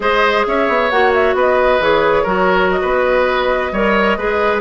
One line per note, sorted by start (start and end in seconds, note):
0.00 0.45 G#3
0.00 0.90 G#4
0.00 0.46 C5
0.00 0.46 D#5
0.46 0.68 C#4
0.46 1.36 C#5
0.46 0.90 E5
0.68 0.91 B3
0.90 1.34 A#3
0.90 1.81 F#4
0.90 1.13 F#5
1.13 1.36 E5
1.34 1.79 B3
1.34 2.23 B4
1.34 1.83 D#5
1.79 2.24 E3
1.79 2.25 G#4
1.79 2.70 C#5
2.23 2.81 F#3
2.23 3.72 F#4
2.23 2.79 A#4
2.70 4.60 D#5
2.81 3.72 B3
2.81 3.72 B4
3.72 4.17 G3
3.72 4.18 A#4
3.72 4.17 C#5
4.17 4.60 G#3
4.17 4.60 G#4
4.17 4.60 B4